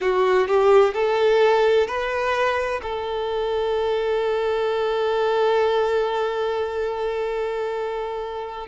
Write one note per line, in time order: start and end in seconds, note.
0.00 0.47 F#4
0.47 0.94 G4
0.94 1.87 A4
1.87 2.80 B4
2.82 8.67 A4